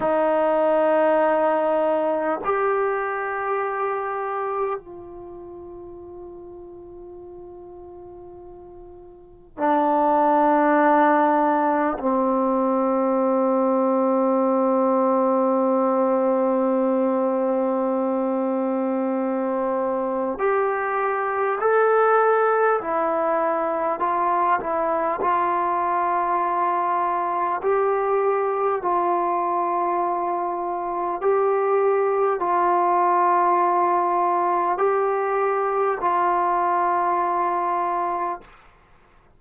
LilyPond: \new Staff \with { instrumentName = "trombone" } { \time 4/4 \tempo 4 = 50 dis'2 g'2 | f'1 | d'2 c'2~ | c'1~ |
c'4 g'4 a'4 e'4 | f'8 e'8 f'2 g'4 | f'2 g'4 f'4~ | f'4 g'4 f'2 | }